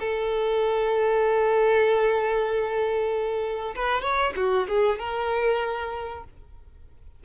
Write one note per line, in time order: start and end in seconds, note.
0.00 3.75 A4
3.75 4.02 B4
4.02 4.33 C#5
4.36 4.67 F#4
4.68 4.99 G#4
4.99 6.24 A#4